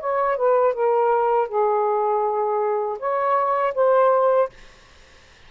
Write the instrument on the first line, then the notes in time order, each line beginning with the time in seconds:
saxophone
0.00 C#5
0.36 B4
0.74 A#4
1.48 G#4
2.99 C#5
3.74 C5